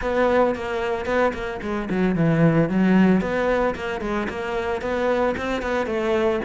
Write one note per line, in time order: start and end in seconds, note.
0.01 0.55 B3
0.55 1.05 A#3
1.05 1.32 B3
1.33 1.60 A#3
1.62 1.88 G#3
1.90 2.15 F#3
2.15 2.69 E3
2.69 3.21 F#3
3.21 3.75 B3
3.75 4.01 A#3
4.01 4.27 G#3
4.29 4.81 A#3
4.81 5.35 B3
5.37 5.62 C4
5.62 5.86 B3
5.86 6.40 A3